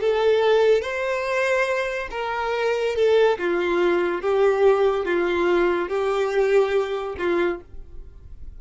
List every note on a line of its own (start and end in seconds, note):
0.00 0.81 A4
0.81 2.08 C5
2.10 2.95 A#4
2.95 3.38 A4
3.38 4.21 F4
4.21 5.05 G4
5.05 5.88 F4
5.88 7.15 G4
7.18 7.60 F4